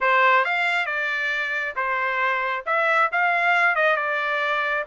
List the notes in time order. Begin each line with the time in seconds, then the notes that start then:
0.01 C5
0.45 F5
0.86 D5
1.75 C5
2.66 E5
3.12 F5
3.75 D#5
3.96 D5